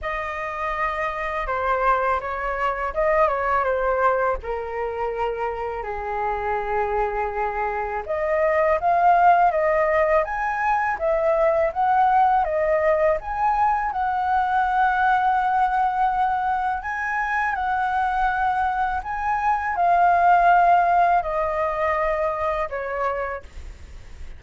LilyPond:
\new Staff \with { instrumentName = "flute" } { \time 4/4 \tempo 4 = 82 dis''2 c''4 cis''4 | dis''8 cis''8 c''4 ais'2 | gis'2. dis''4 | f''4 dis''4 gis''4 e''4 |
fis''4 dis''4 gis''4 fis''4~ | fis''2. gis''4 | fis''2 gis''4 f''4~ | f''4 dis''2 cis''4 | }